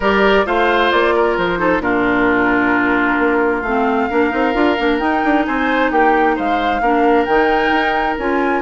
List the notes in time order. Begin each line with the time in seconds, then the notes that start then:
0.00 G3 G4 A#4 D5
0.45 A3 F4 C5 F5
0.91 A#3 D5
1.15 A#4
1.37 F3 C5
1.58 D#4 A4
1.79 A#2 D4 F4 A#4
3.18 A#3
3.62 A3 C4 F5
4.09 A#3 D4 A#4
4.29 C4 D#4
4.53 D4 F4
4.77 A#3 D4
4.98 D#4 G5
5.24 D4
5.45 C4 C5 G#5
5.91 A#3 G4 G5
6.35 G#3 C5 F5
6.80 A#3 D4 A#4
7.25 D#3 D#4 G5
7.70 D#4
8.18 C#4 F4 G#5